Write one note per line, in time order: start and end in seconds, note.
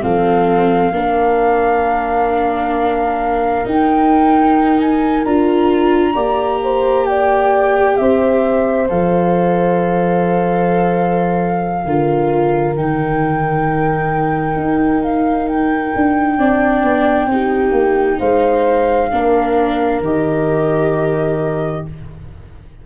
0.00 0.91 F3
0.00 0.91 C4
0.00 0.94 A4
0.00 3.66 F5
0.91 3.64 A#3
0.91 3.64 D4
0.91 6.13 A#4
3.64 5.23 D#4
3.64 5.24 D#4
3.64 4.79 G5
4.79 5.24 G#5
5.24 6.15 D4
5.24 6.13 F4
5.24 7.05 A#5
6.13 7.97 A#3
6.13 8.86 G4
6.13 6.59 D5
6.62 7.08 C5
7.05 7.99 D5
7.05 7.96 G5
7.96 8.90 C4
7.96 11.84 C5
7.96 8.87 E5
8.88 11.85 F3
8.88 11.84 A4
8.88 12.75 F5
11.84 12.76 D3
11.84 12.77 F4
11.84 16.38 A#4
12.76 14.55 D#3
12.76 16.39 D#4
12.76 15.03 G5
14.55 15.92 D#4
15.03 15.48 F5
15.48 18.19 G5
15.95 16.37 D4
16.37 16.83 C4
16.37 17.30 D4
16.37 17.29 D5
16.83 17.26 B3
17.26 17.71 C4
17.26 19.10 D#4
17.26 18.19 G4
17.72 18.17 A#3
18.19 19.11 G#3
18.19 19.09 C5
18.19 20.01 F5
19.10 20.00 A#3
19.10 20.01 D4
19.10 21.85 A#4
20.00 21.82 D#3
20.00 21.86 G4
20.00 21.85 D#5